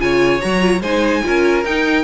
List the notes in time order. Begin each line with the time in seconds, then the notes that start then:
0.00 C#3 F4 C#5 G#5
0.41 F#3 F#4 A#5
0.61 F4
0.81 G#3 D#4 C5 G#5
1.24 C#4 F4 A#4
1.64 D#4 G5